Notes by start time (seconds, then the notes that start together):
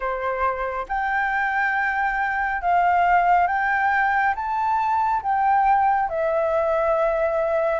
0.00 C5
0.88 G5
2.61 F5
3.47 G5
4.35 A5
5.22 G5
6.09 E5